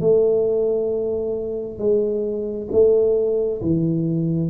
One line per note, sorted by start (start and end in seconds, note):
0.00 1.79 A3
1.79 2.68 G#3
2.72 3.61 A3
3.61 4.50 E3